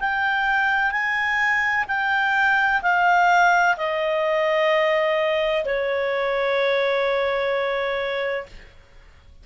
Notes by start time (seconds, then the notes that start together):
0.00 G5
0.92 G#5
1.88 G5
2.83 F5
3.78 D#5
5.65 C#5